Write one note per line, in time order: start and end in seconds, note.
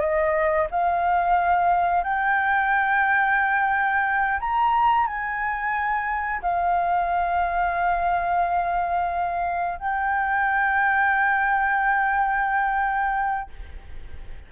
0.00 0.67 D#5
0.71 2.04 F5
2.04 4.40 G5
4.40 5.07 A#5
5.07 6.42 G#5
6.42 9.79 F5
9.79 13.50 G5